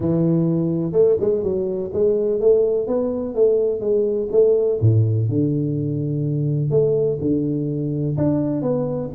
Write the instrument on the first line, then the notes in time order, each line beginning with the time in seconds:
tuba
0.00 E3
0.92 A3
1.20 G#3
1.43 F#3
1.93 G#3
2.40 A3
2.87 B3
3.34 A3
3.80 G#3
4.31 A3
4.80 A2
5.28 D3
6.70 A3
7.20 D3
8.17 D4
8.62 B3